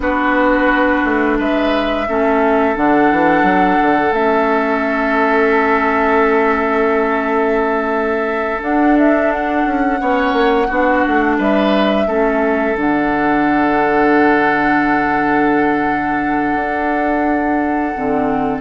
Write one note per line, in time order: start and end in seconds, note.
0.00 1.02 B3
0.00 2.06 D4
0.00 1.38 F#4
0.00 1.39 B4
1.04 1.39 A3
1.38 2.08 G#3
1.38 2.07 B4
1.38 2.76 E5
2.08 2.77 A3
2.08 2.74 C#4
2.08 10.00 A4
2.74 3.11 D3
2.74 4.12 D4
2.74 4.13 F#5
3.11 3.43 E3
3.43 3.77 F#3
3.81 4.12 D3
4.12 8.60 A3
4.12 8.60 C#4
4.12 8.61 E5
8.60 9.98 D4
8.60 9.64 D4
8.60 8.97 F#5
8.98 9.32 E5
9.32 11.39 F#5
9.65 9.99 C#4
9.98 10.32 B3
9.98 10.67 C#4
9.98 10.67 C#5
10.32 10.67 A#3
10.67 11.04 B3
10.67 12.07 D4
10.67 11.36 F#4
11.07 11.38 A3
11.38 12.06 G3
11.38 12.07 B4
11.38 12.78 E5
12.06 12.75 A3
12.06 12.74 C#4
12.06 18.60 A4
12.74 16.54 D3
12.74 17.92 D4
12.74 18.60 F#5
16.54 17.92 D4
17.94 18.60 D3
17.94 18.60 C4